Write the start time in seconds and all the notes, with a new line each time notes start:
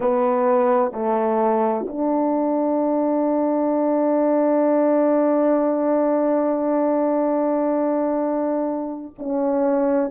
0.00 B3
0.92 A3
1.87 D4
9.18 C#4